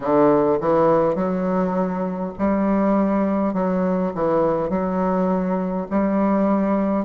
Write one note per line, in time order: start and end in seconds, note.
0.00 0.58 D3
0.60 1.15 E3
1.15 2.33 F#3
2.38 3.53 G3
3.53 4.12 F#3
4.14 4.69 E3
4.69 5.87 F#3
5.90 7.05 G3